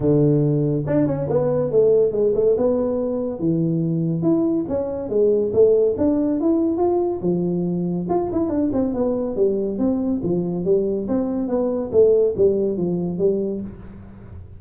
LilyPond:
\new Staff \with { instrumentName = "tuba" } { \time 4/4 \tempo 4 = 141 d2 d'8 cis'8 b4 | a4 gis8 a8 b2 | e2 e'4 cis'4 | gis4 a4 d'4 e'4 |
f'4 f2 f'8 e'8 | d'8 c'8 b4 g4 c'4 | f4 g4 c'4 b4 | a4 g4 f4 g4 | }